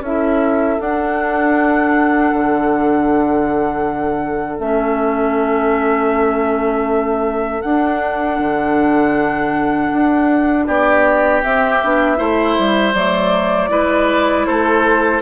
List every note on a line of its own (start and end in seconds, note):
0.00 0.76 C#4
0.00 0.80 E4
0.00 10.67 A4
0.00 0.80 E5
0.80 4.60 D4
0.80 2.32 D4
0.80 4.59 F#5
2.33 4.58 D3
4.58 7.62 A3
4.58 7.62 C#4
4.58 7.61 E5
7.61 11.42 D4
7.61 8.39 D4
7.61 10.65 F#5
8.39 9.91 D3
9.92 10.67 D4
10.65 11.43 B3
10.65 12.17 G4
10.65 11.41 D5
11.42 11.80 C4
11.42 11.82 C4
11.42 12.94 E5
11.83 12.19 B3
11.83 12.16 D4
12.16 12.57 A3
12.16 12.92 E4
12.16 13.69 C5
12.58 12.94 G3
12.94 13.70 F#3
12.94 13.69 A3
12.94 14.46 D5
13.69 14.46 G#3
13.69 15.21 E4
13.69 14.46 B4
14.46 15.21 A3
14.46 15.21 A4
14.46 15.21 C5